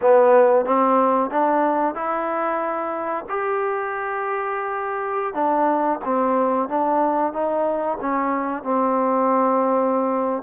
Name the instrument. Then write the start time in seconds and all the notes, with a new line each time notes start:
trombone
0.01 B3
0.65 C4
1.30 D4
1.94 E4
3.29 G4
5.34 D4
6.04 C4
6.68 D4
7.32 D#4
8.00 C#4
8.63 C4